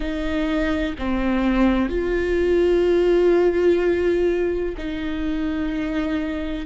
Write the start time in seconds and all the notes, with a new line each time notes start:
0.00 D#4
0.98 C4
1.89 F4
4.77 D#4